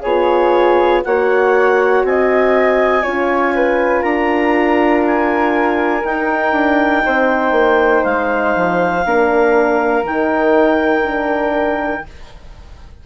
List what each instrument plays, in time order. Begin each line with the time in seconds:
0.00 bassoon B3, horn F4, flute G#4, clarinet C#5
1.04 bassoon A#3, horn F#4, flute C#5, clarinet F#5
2.03 bassoon C4, flute D#5, clarinet G#5
3.03 bassoon C#4, horn F4, flute C#5
3.55 flute B4
4.02 bassoon D4, flute A#4, clarinet A#5
5.06 clarinet G#5
6.04 horn D#4, bassoon D#4, clarinet G5
6.52 bassoon D4
7.05 bassoon C4, flute C5
7.51 bassoon A#3
8.04 bassoon G#3, clarinet F5
8.55 bassoon F3
9.05 bassoon A#3, horn D4, flute A#4
10.03 bassoon D#3, horn D#4, clarinet G5
11.03 horn D4